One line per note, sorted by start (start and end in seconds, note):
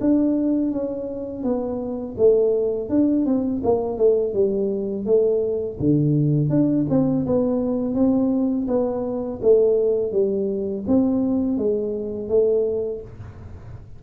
0.00 0.71 D4
0.71 1.43 C#4
1.43 2.15 B3
2.17 2.89 A3
2.89 3.25 D4
3.25 3.61 C4
3.63 3.97 A#3
3.97 4.33 A3
4.33 5.05 G3
5.05 5.78 A3
5.79 6.49 D3
6.49 6.85 D4
6.89 7.25 C4
7.26 7.94 B3
7.94 8.66 C4
8.67 9.39 B3
9.42 10.12 A3
10.12 10.84 G3
10.87 11.57 C4
11.57 12.28 G#3
12.28 13.01 A3